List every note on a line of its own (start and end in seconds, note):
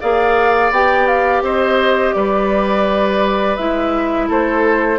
0.00 0.70 A#3
0.00 0.72 G#4
0.00 1.43 D5
0.00 0.72 F5
0.70 1.42 B3
0.70 3.58 G4
0.70 1.07 G5
1.07 1.43 F5
1.42 2.13 C4
1.42 2.15 C5
1.42 2.13 D#5
2.13 3.57 G3
2.13 4.28 B4
2.13 3.56 D5
3.56 4.29 G#3
3.56 4.98 E4
3.56 4.27 E5
4.28 4.98 A3
4.28 4.98 A4
4.28 4.98 C5